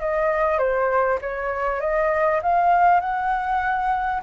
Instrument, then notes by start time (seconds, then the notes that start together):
flute
0.00 D#5
0.58 C5
1.21 C#5
1.80 D#5
2.43 F5
3.01 F#5